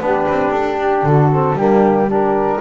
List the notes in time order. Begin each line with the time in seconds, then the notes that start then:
0.00 B3 D4 G4 B4
0.28 C4
0.50 D4 A4
0.81 G4
1.03 D3 F#4 A4
1.32 C4
1.52 G3 A#3 D4 G4
2.06 D4 G4 A#4